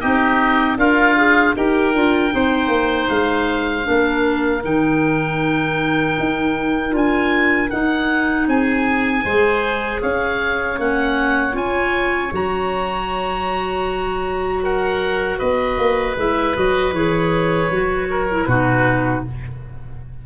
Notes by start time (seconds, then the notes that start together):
0.00 C4 D#4 G4 D#5
0.77 D4 F4 A#4 F5
1.16 G#4
1.56 D#4 G4 A#4 G5
1.94 D4 F4
2.31 C4 D#4 C5
2.68 A#3
3.09 G#3 F5
3.83 A#3 D4 A#4
4.63 D#3 D#4 G5
6.19 D#4
6.90 D4 F4 G#5
7.70 D#4 F#5
8.47 C4 G#4 G#5
9.24 G#3 G#4 C5
10.01 C#4 C#5 F5
10.78 A#3 C#4 F#5
11.52 C#4 F4 G#5
12.32 F#3 F#4 A#5
14.63 A#4 F#5
15.38 B3 B4 D#5
15.78 A#3
16.17 G#3 E4 E5
16.55 F#3 F#4 D#5
16.92 E3 G#4 C#5
17.70 F#3 F#4
18.10 A#4
18.30 E4
18.45 B2 D#4 F#4 B4